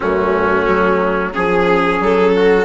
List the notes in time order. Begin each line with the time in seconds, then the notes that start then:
0.00 F#2 A3 C#4 F#4
0.67 F#3
1.32 F3 C#4 G#4
2.00 F#3 A4
2.35 F#4